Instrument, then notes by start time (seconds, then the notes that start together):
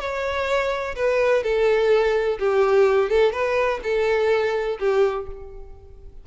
violin
0.00 C#5
0.96 B4
1.44 A4
2.40 G4
3.10 A4
3.33 B4
3.83 A4
4.79 G4